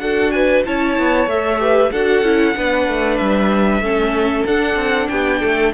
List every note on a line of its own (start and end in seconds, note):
0.00 0.65 D4
0.00 0.65 F#4
0.00 0.34 A4
0.00 0.31 F#5
0.31 0.67 B4
0.31 0.63 G#5
0.66 0.99 C#4
0.66 1.30 E4
0.66 1.62 C#5
0.66 1.30 A5
0.99 1.27 B3
1.27 1.91 A3
1.27 1.59 A4
1.27 1.92 E5
1.59 1.91 G4
1.59 1.93 B4
1.92 2.23 D4
1.92 2.25 F#4
1.92 2.57 A4
1.92 3.17 F#5
2.23 2.55 C#4
2.23 2.56 E4
2.56 2.89 B3
2.56 3.83 D4
2.56 3.83 B4
2.89 3.20 A3
3.17 3.81 G3
3.17 4.45 E5
3.81 4.45 A3
3.81 4.47 C#4
3.81 5.11 A4
4.46 4.76 D4
4.46 5.74 D4
4.46 5.09 F#5
4.76 5.08 C4
5.09 5.42 B3
5.09 5.41 G4
5.09 5.73 G5
5.41 5.74 A3
5.41 5.73 A4